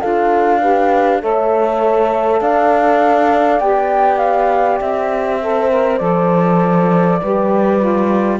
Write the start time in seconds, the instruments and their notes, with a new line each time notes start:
0.00 cello D4, saxophone F4, horn A4, flute F5
0.61 saxophone G4, horn B4
1.21 cello A3, saxophone A4, horn C#5, flute E5
2.40 cello D4, horn D5, flute F5
3.60 cello B3, saxophone G4, flute G5
4.19 flute F5
4.80 cello C4, flute E5
5.42 saxophone A4, horn C5
5.70 saxophone A#4
5.98 cello F3, saxophone A4, flute D5
7.22 cello G3, saxophone G4, horn B4
7.79 saxophone F4